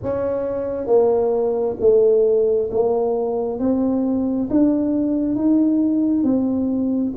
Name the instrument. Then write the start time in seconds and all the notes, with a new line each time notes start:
tuba
0.02 C#4
0.86 A#3
1.80 A3
2.71 A#3
3.59 C4
4.50 D4
5.35 D#4
6.23 C4